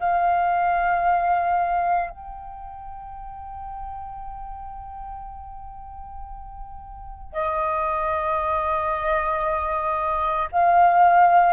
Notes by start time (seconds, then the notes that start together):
0.00 F5
2.10 G5
7.33 D#5
10.52 F5